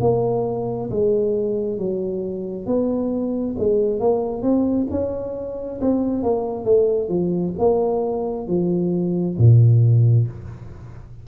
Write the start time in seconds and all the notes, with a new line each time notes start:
0.00 A#3
0.90 G#3
1.78 F#3
2.66 B3
3.58 G#3
4.00 A#3
4.42 C4
4.91 C#4
5.81 C4
6.23 A#3
6.65 A3
7.09 F3
7.59 A#3
8.47 F3
9.38 A#2